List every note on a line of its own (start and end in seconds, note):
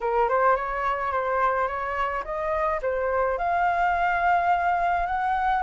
0.01 0.28 A#4
0.28 0.56 C5
0.56 1.11 C#5
1.11 1.67 C5
1.67 2.23 C#5
2.24 2.80 D#5
2.82 3.38 C5
3.38 5.06 F5
5.06 5.62 F#5